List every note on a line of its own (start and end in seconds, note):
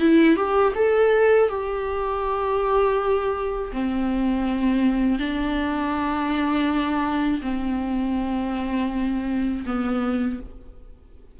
0.00 0.36 E4
0.36 0.73 G4
0.75 1.49 A4
1.49 3.71 G4
3.73 5.19 C4
5.19 7.41 D4
7.42 9.64 C4
9.66 10.40 B3